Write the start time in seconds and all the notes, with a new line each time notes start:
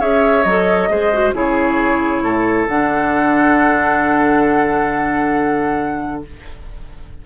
0.00 C#4 G#4 C#5 E5
0.44 F#3 A4 D#5
0.90 G#3 G#4 C5
1.13 F#4
1.34 C#3 E4 G#4 C#5
2.23 A2 A4
2.68 D3 D4 F#5